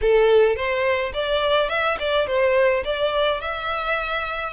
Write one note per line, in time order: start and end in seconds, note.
0.01 0.55 A4
0.55 1.12 C5
1.13 1.69 D5
1.69 1.97 E5
1.99 2.26 D5
2.26 2.83 C5
2.84 3.40 D5
3.40 4.53 E5